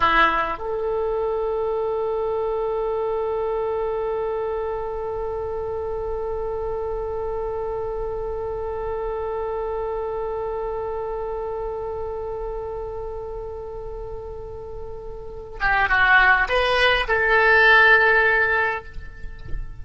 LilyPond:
\new Staff \with { instrumentName = "oboe" } { \time 4/4 \tempo 4 = 102 e'4 a'2.~ | a'1~ | a'1~ | a'1~ |
a'1~ | a'1~ | a'2~ a'8 g'8 fis'4 | b'4 a'2. | }